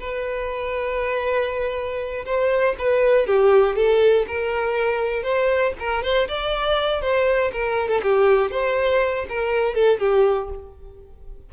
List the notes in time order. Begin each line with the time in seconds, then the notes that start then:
0.00 B4
2.26 C5
2.79 B4
3.27 G4
3.76 A4
4.27 A#4
5.23 C5
5.80 A#4
6.03 C5
6.28 D5
7.02 C5
7.53 A#4
7.89 A4
8.03 G4
8.51 C5
9.29 A#4
9.75 A4
10.00 G4